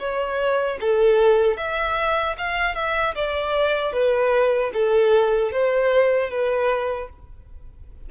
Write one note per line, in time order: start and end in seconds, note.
0.00 0.79 C#5
0.81 1.58 A4
1.58 2.36 E5
2.38 2.76 F5
2.76 3.15 E5
3.15 3.93 D5
3.93 4.72 B4
4.74 5.52 A4
5.52 6.31 C5
6.31 7.09 B4